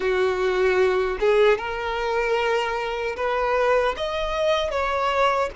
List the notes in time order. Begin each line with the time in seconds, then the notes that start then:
0.00 F#4
1.19 G#4
1.58 A#4
3.16 B4
3.96 D#5
4.70 C#5